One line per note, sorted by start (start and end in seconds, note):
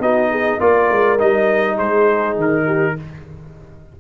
0.00 0.59 B3
0.00 0.61 D#4
0.00 0.31 F#4
0.00 0.60 D#5
0.31 0.60 G#4
0.60 0.90 A#3
0.60 1.19 F4
0.60 1.77 A#4
0.60 1.19 D5
0.91 1.20 G#3
1.19 1.79 G3
1.19 2.96 D#4
1.19 1.78 D#5
1.77 2.36 G#3
1.77 2.65 G#4
1.77 2.37 C5
2.36 2.95 D#3
2.36 3.00 A#4
2.66 2.95 G4